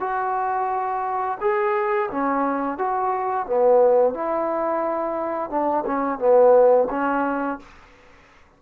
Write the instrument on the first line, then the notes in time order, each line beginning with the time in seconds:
trombone
0.00 F#4
1.41 G#4
2.11 C#4
2.78 F#4
3.46 B3
4.14 E4
5.50 D4
5.86 C#4
6.19 B3
6.90 C#4